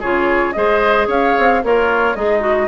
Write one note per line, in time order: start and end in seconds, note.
0.00 0.56 C#3
0.00 0.55 F4
0.00 0.54 G#4
0.00 0.53 C#5
0.53 1.07 G#3
0.53 1.62 G#4
0.53 1.08 C5
0.53 1.06 D#5
1.07 1.34 C#4
1.07 1.61 C#5
1.07 1.64 F5
1.39 1.64 C4
1.64 2.16 A#3
1.64 2.17 F4
1.64 2.17 A#4
1.64 2.16 C#5
2.16 2.68 G#3
2.16 2.68 D#4
2.16 2.41 G#4
2.16 2.68 D#5
2.41 2.67 F#4